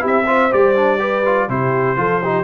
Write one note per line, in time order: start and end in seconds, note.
0.00 0.51 C4
0.00 0.24 E4
0.00 0.25 G4
0.06 0.52 E5
0.26 0.50 F4
0.26 1.00 C5
0.51 1.48 G3
0.51 0.75 G4
0.51 1.49 D5
0.76 0.98 D4
0.98 1.23 G4
0.98 1.48 B4
1.25 1.49 F4
1.48 1.97 C3
1.48 1.97 E4
1.48 1.98 G4
1.48 2.44 C5
1.97 2.44 F3
1.97 2.21 F4
1.97 2.22 A4
2.22 2.44 D#4
2.22 2.44 G4